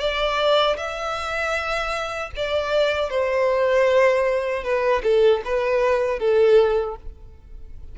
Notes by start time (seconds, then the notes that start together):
0.00 D5
0.77 E5
2.36 D5
3.10 C5
4.64 B4
5.03 A4
5.45 B4
6.19 A4